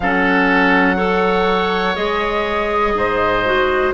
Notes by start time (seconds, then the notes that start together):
0.00 F#3 C#4 A4 F#5
0.96 A4 C#5
1.95 G#3 G#4 D#5
2.93 G#2 C5
3.45 F#4